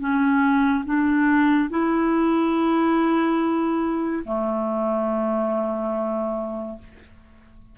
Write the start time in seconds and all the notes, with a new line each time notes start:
0.00 C#4
0.85 D4
1.71 E4
4.25 A3